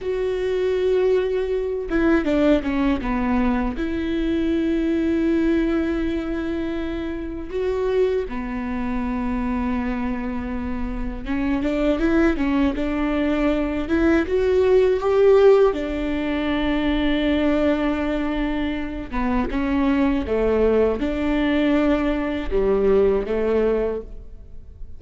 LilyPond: \new Staff \with { instrumentName = "viola" } { \time 4/4 \tempo 4 = 80 fis'2~ fis'8 e'8 d'8 cis'8 | b4 e'2.~ | e'2 fis'4 b4~ | b2. cis'8 d'8 |
e'8 cis'8 d'4. e'8 fis'4 | g'4 d'2.~ | d'4. b8 cis'4 a4 | d'2 g4 a4 | }